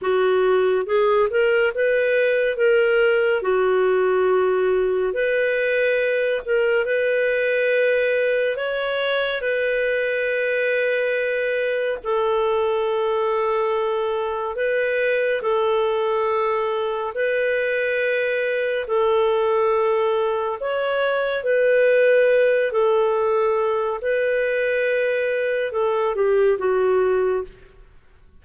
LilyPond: \new Staff \with { instrumentName = "clarinet" } { \time 4/4 \tempo 4 = 70 fis'4 gis'8 ais'8 b'4 ais'4 | fis'2 b'4. ais'8 | b'2 cis''4 b'4~ | b'2 a'2~ |
a'4 b'4 a'2 | b'2 a'2 | cis''4 b'4. a'4. | b'2 a'8 g'8 fis'4 | }